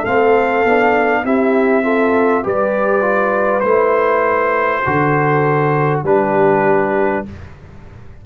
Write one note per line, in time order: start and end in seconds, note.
0.00 0.64 A3
0.00 0.65 C4
0.00 1.20 A4
0.00 1.25 F5
0.64 1.24 B3
0.64 1.25 D4
1.24 2.44 C4
1.24 1.83 E4
1.24 1.83 G4
1.24 2.46 E5
1.83 2.43 F4
1.83 2.44 A4
2.43 3.63 G3
2.43 3.02 G4
2.43 4.84 B4
2.43 3.60 D5
3.02 3.62 F4
3.60 4.83 A3
3.60 4.82 E4
3.60 6.00 C5
4.86 6.04 D3
4.86 6.05 F#4
4.86 6.04 A4
6.04 7.24 G3
6.04 7.25 D4
6.04 7.24 G4
6.04 7.26 B4